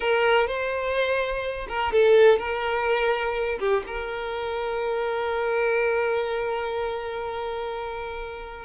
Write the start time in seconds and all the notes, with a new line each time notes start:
0.00 A#4
0.47 C5
1.68 A#4
1.92 A4
2.39 A#4
3.59 G4
3.86 A#4